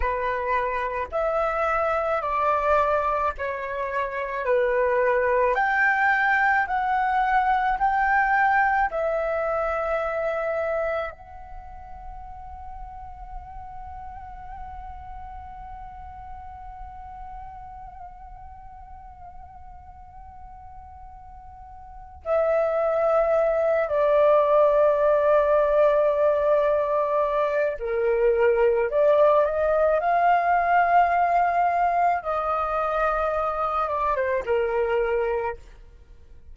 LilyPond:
\new Staff \with { instrumentName = "flute" } { \time 4/4 \tempo 4 = 54 b'4 e''4 d''4 cis''4 | b'4 g''4 fis''4 g''4 | e''2 fis''2~ | fis''1~ |
fis''1 | e''4. d''2~ d''8~ | d''4 ais'4 d''8 dis''8 f''4~ | f''4 dis''4. d''16 c''16 ais'4 | }